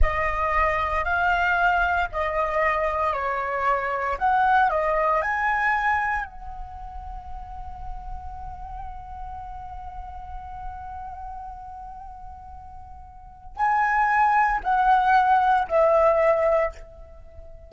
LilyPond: \new Staff \with { instrumentName = "flute" } { \time 4/4 \tempo 4 = 115 dis''2 f''2 | dis''2 cis''2 | fis''4 dis''4 gis''2 | fis''1~ |
fis''1~ | fis''1~ | fis''2 gis''2 | fis''2 e''2 | }